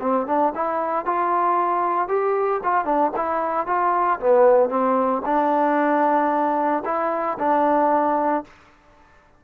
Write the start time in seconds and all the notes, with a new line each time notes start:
0.00 C4
0.26 D4
0.55 E4
1.05 F4
2.08 G4
2.63 F4
2.85 D4
3.16 E4
3.66 F4
4.20 B3
4.69 C4
5.25 D4
6.85 E4
7.39 D4